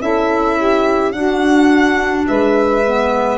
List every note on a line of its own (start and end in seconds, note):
0.00 1.13 C#4
0.00 1.12 E4
0.00 0.58 A4
0.00 1.12 E5
0.58 1.14 G4
1.12 2.82 D4
1.12 2.27 D4
1.12 2.28 F#4
1.12 2.25 F#5
2.28 3.38 G#3
2.28 3.38 B4
2.28 3.38 E5
2.86 3.38 B3